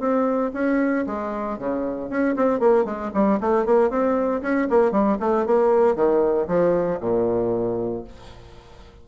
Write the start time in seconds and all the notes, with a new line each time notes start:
0.00 C4
0.54 C#4
1.07 G#3
1.59 C#3
2.10 C#4
2.37 C4
2.60 A#3
2.85 G#3
3.14 G3
3.41 A3
3.66 A#3
3.90 C4
4.42 C#4
4.70 A#3
4.92 G3
5.21 A3
5.47 A#3
5.96 D#3
6.48 F3
7.01 A#2